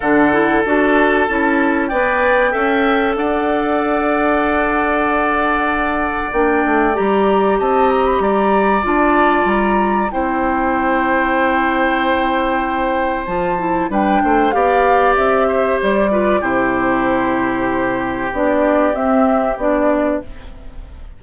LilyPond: <<
  \new Staff \with { instrumentName = "flute" } { \time 4/4 \tempo 4 = 95 fis''4 a''2 g''4~ | g''4 fis''2.~ | fis''2 g''4 ais''4 | a''8 ais''16 b''16 ais''4 a''4 ais''4 |
g''1~ | g''4 a''4 g''4 f''4 | e''4 d''4 c''2~ | c''4 d''4 e''4 d''4 | }
  \new Staff \with { instrumentName = "oboe" } { \time 4/4 a'2. d''4 | e''4 d''2.~ | d''1 | dis''4 d''2. |
c''1~ | c''2 b'8 c''8 d''4~ | d''8 c''4 b'8 g'2~ | g'1 | }
  \new Staff \with { instrumentName = "clarinet" } { \time 4/4 d'8 e'8 fis'4 e'4 b'4 | a'1~ | a'2 d'4 g'4~ | g'2 f'2 |
e'1~ | e'4 f'8 e'8 d'4 g'4~ | g'4. f'8 e'2~ | e'4 d'4 c'4 d'4 | }
  \new Staff \with { instrumentName = "bassoon" } { \time 4/4 d4 d'4 cis'4 b4 | cis'4 d'2.~ | d'2 ais8 a8 g4 | c'4 g4 d'4 g4 |
c'1~ | c'4 f4 g8 a8 b4 | c'4 g4 c2~ | c4 b4 c'4 b4 | }
>>